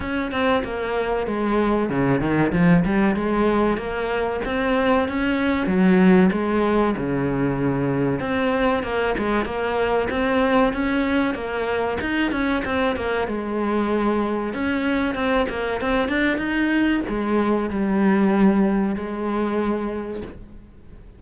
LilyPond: \new Staff \with { instrumentName = "cello" } { \time 4/4 \tempo 4 = 95 cis'8 c'8 ais4 gis4 cis8 dis8 | f8 g8 gis4 ais4 c'4 | cis'4 fis4 gis4 cis4~ | cis4 c'4 ais8 gis8 ais4 |
c'4 cis'4 ais4 dis'8 cis'8 | c'8 ais8 gis2 cis'4 | c'8 ais8 c'8 d'8 dis'4 gis4 | g2 gis2 | }